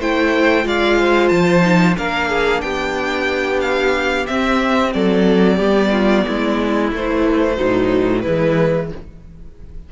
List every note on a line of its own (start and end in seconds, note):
0.00 0.66 A3
0.00 0.64 E4
0.00 0.66 C5
0.00 0.68 G5
0.64 1.31 G#3
0.64 1.62 F4
0.64 0.99 D5
0.64 1.29 F5
0.99 1.98 C5
1.29 1.97 F3
1.29 1.95 A5
1.62 1.95 D#4
1.98 2.63 A#3
1.98 4.28 D4
1.98 2.30 A#4
1.98 2.62 F5
2.30 2.63 G#4
2.62 4.27 B3
2.62 4.94 G4
2.62 3.60 G5
3.61 4.27 F5
4.27 5.60 C4
4.27 4.95 C4
4.27 4.93 E5
4.94 5.59 F#3
4.94 5.57 A4
4.94 6.91 D5
5.57 6.25 G3
5.57 6.91 B3
5.57 5.90 G4
5.92 6.25 F4
6.28 6.92 G#3
6.28 7.57 E4
6.92 7.57 E3
6.92 7.58 A3
6.92 8.22 C5
7.57 8.26 A2
7.57 8.23 F#3
7.57 8.23 D#4
8.22 8.92 E3
8.22 8.91 G#3
8.22 8.90 E4
8.22 8.87 B4